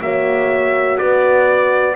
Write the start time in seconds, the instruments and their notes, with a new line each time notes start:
0.00 double bass A#3, horn F#4 C#5, trumpet E5
0.98 double bass B3, horn B4, trumpet D5